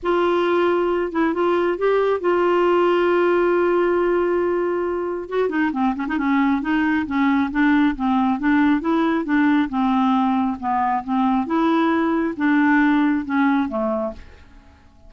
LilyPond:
\new Staff \with { instrumentName = "clarinet" } { \time 4/4 \tempo 4 = 136 f'2~ f'8 e'8 f'4 | g'4 f'2.~ | f'1 | fis'8 dis'8 c'8 cis'16 dis'16 cis'4 dis'4 |
cis'4 d'4 c'4 d'4 | e'4 d'4 c'2 | b4 c'4 e'2 | d'2 cis'4 a4 | }